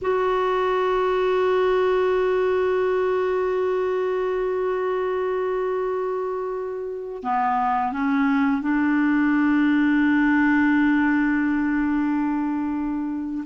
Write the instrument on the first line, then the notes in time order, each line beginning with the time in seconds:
clarinet
0.01 F#4
7.23 B3
7.92 C#4
8.61 D4